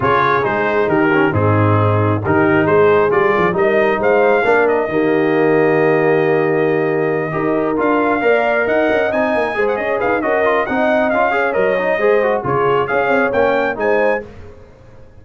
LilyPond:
<<
  \new Staff \with { instrumentName = "trumpet" } { \time 4/4 \tempo 4 = 135 cis''4 c''4 ais'4 gis'4~ | gis'4 ais'4 c''4 d''4 | dis''4 f''4. dis''4.~ | dis''1~ |
dis''4. f''2 fis''8~ | fis''8 gis''4~ gis''16 fis''16 dis''8 f''8 dis''4 | fis''4 f''4 dis''2 | cis''4 f''4 g''4 gis''4 | }
  \new Staff \with { instrumentName = "horn" } { \time 4/4 gis'2 g'4 dis'4~ | dis'4 g'4 gis'2 | ais'4 c''4 ais'4 g'4~ | g'1~ |
g'8 ais'2 d''4 dis''8~ | dis''4. c''8 cis''8 b'8 ais'4 | dis''4. cis''4. c''4 | gis'4 cis''2 c''4 | }
  \new Staff \with { instrumentName = "trombone" } { \time 4/4 f'4 dis'4. cis'8 c'4~ | c'4 dis'2 f'4 | dis'2 d'4 ais4~ | ais1~ |
ais8 g'4 f'4 ais'4.~ | ais'8 dis'4 gis'4. fis'8 f'8 | dis'4 f'8 gis'8 ais'8 dis'8 gis'8 fis'8 | f'4 gis'4 cis'4 dis'4 | }
  \new Staff \with { instrumentName = "tuba" } { \time 4/4 cis4 gis4 dis4 gis,4~ | gis,4 dis4 gis4 g8 f8 | g4 gis4 ais4 dis4~ | dis1~ |
dis8 dis'4 d'4 ais4 dis'8 | cis'8 c'8 ais8 gis8 cis'8 dis'8 cis'4 | c'4 cis'4 fis4 gis4 | cis4 cis'8 c'8 ais4 gis4 | }
>>